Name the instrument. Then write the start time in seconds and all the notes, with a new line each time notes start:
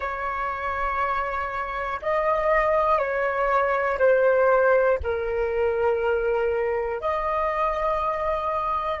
flute
0.00 C#5
2.02 D#5
2.98 C#5
3.99 C5
5.03 A#4
7.00 D#5